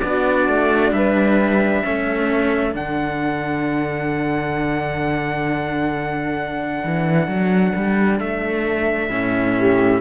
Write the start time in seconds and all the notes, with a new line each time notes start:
0.00 B3 D4 F#4 D5
0.48 A3
0.92 G3 B4 E5
1.83 A3 C#4 A4
2.73 D3 D4 F#5
6.84 E3
7.27 F#3
7.76 G3
8.20 A3 E5
9.10 A2 C#4
9.56 G4